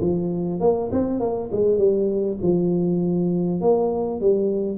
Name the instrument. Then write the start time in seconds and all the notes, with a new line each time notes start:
tuba
0.00 F3
0.60 A#3
0.92 C4
1.19 A#3
1.51 G#3
1.78 G3
2.42 F3
3.61 A#3
4.21 G3